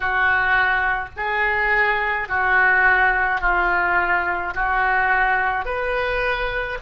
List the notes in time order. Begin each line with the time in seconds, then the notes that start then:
0.00 F#4
1.16 G#4
2.28 F#4
3.40 F4
4.54 F#4
5.64 B4